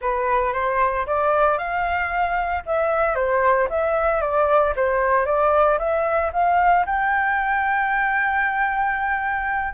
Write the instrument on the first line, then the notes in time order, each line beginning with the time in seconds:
flute
0.01 B4
0.53 C5
1.06 D5
1.58 F5
2.66 E5
3.15 C5
3.69 E5
4.21 D5
4.76 C5
5.25 D5
5.78 E5
6.33 F5
6.86 G5